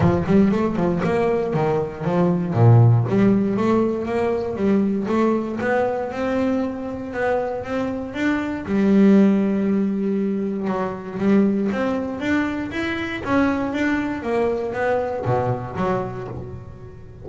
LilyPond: \new Staff \with { instrumentName = "double bass" } { \time 4/4 \tempo 4 = 118 f8 g8 a8 f8 ais4 dis4 | f4 ais,4 g4 a4 | ais4 g4 a4 b4 | c'2 b4 c'4 |
d'4 g2.~ | g4 fis4 g4 c'4 | d'4 e'4 cis'4 d'4 | ais4 b4 b,4 fis4 | }